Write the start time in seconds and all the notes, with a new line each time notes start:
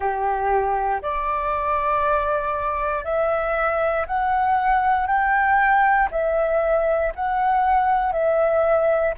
0.00 G4
1.02 D5
3.04 E5
4.06 F#5
5.07 G5
6.11 E5
7.15 F#5
8.12 E5